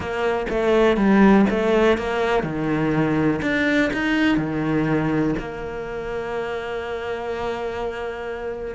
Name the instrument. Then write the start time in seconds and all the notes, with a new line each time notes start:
cello
0.00 A#3
0.49 A3
0.96 G3
1.50 A3
1.97 A#3
2.43 D#3
3.42 D4
3.93 D#4
4.37 D#3
5.38 A#3